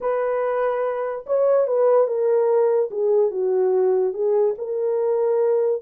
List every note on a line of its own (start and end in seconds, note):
0.01 1.25 B4
1.26 1.67 C#5
1.67 2.07 B4
2.07 2.89 A#4
2.91 3.30 G#4
3.30 4.13 F#4
4.13 4.54 G#4
4.57 5.82 A#4